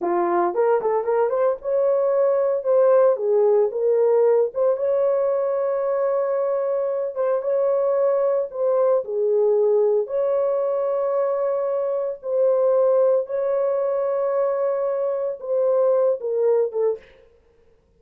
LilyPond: \new Staff \with { instrumentName = "horn" } { \time 4/4 \tempo 4 = 113 f'4 ais'8 a'8 ais'8 c''8 cis''4~ | cis''4 c''4 gis'4 ais'4~ | ais'8 c''8 cis''2.~ | cis''4. c''8 cis''2 |
c''4 gis'2 cis''4~ | cis''2. c''4~ | c''4 cis''2.~ | cis''4 c''4. ais'4 a'8 | }